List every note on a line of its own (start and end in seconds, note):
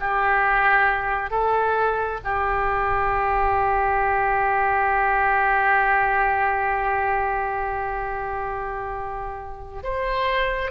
0.00 1.31 G4
1.31 2.21 A4
2.24 9.83 G4
9.83 10.71 C5